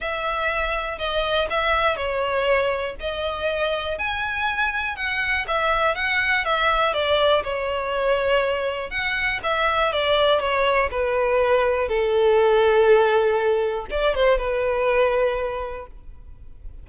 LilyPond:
\new Staff \with { instrumentName = "violin" } { \time 4/4 \tempo 4 = 121 e''2 dis''4 e''4 | cis''2 dis''2 | gis''2 fis''4 e''4 | fis''4 e''4 d''4 cis''4~ |
cis''2 fis''4 e''4 | d''4 cis''4 b'2 | a'1 | d''8 c''8 b'2. | }